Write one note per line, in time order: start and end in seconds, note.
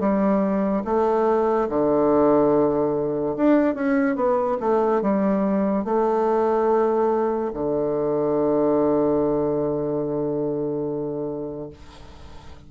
0.00 0.83 G3
0.85 1.69 A3
1.70 3.36 D3
3.37 3.75 D4
3.75 4.16 C#4
4.16 4.58 B3
4.61 5.02 A3
5.02 5.85 G3
5.85 7.52 A3
7.54 11.70 D3